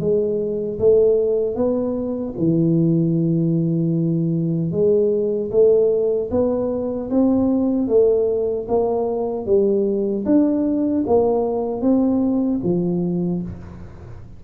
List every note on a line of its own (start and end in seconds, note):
0.00 0.79 G#3
0.79 1.56 A3
1.56 2.35 B3
2.39 4.72 E3
4.72 5.51 G#3
5.51 6.30 A3
6.31 7.10 B3
7.11 7.88 C4
7.88 8.67 A3
8.68 9.46 A#3
9.46 10.25 G3
10.26 11.05 D4
11.07 11.82 A#3
11.82 12.61 C4
12.64 13.43 F3